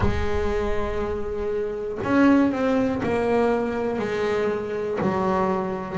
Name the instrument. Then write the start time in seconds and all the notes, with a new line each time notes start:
double bass
0.00 G#3
2.03 C#4
2.51 C4
3.03 A#3
3.99 G#3
5.00 F#3